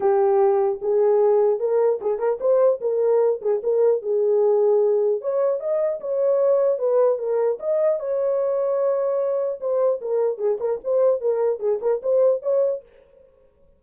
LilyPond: \new Staff \with { instrumentName = "horn" } { \time 4/4 \tempo 4 = 150 g'2 gis'2 | ais'4 gis'8 ais'8 c''4 ais'4~ | ais'8 gis'8 ais'4 gis'2~ | gis'4 cis''4 dis''4 cis''4~ |
cis''4 b'4 ais'4 dis''4 | cis''1 | c''4 ais'4 gis'8 ais'8 c''4 | ais'4 gis'8 ais'8 c''4 cis''4 | }